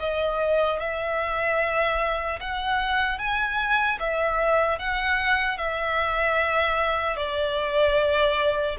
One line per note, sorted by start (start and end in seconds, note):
0.00 0.80 D#5
0.80 2.40 E5
2.41 3.19 F#5
3.19 3.99 G#5
4.00 4.79 E5
4.79 5.58 F#5
5.58 7.17 E5
7.17 8.77 D5